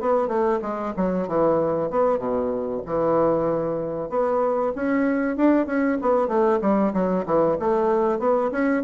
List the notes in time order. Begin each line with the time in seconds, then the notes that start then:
0.00 B3
0.28 A3
0.61 G#3
0.96 F#3
1.27 E3
1.90 B3
2.18 B2
2.85 E3
4.09 B3
4.75 C#4
5.36 D4
5.66 C#4
6.01 B3
6.28 A3
6.61 G3
6.93 F#3
7.25 E3
7.59 A3
8.19 B3
8.51 C#4